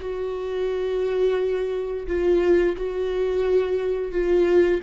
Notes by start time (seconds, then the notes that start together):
0.00 F#4
2.07 F4
2.76 F#4
4.12 F4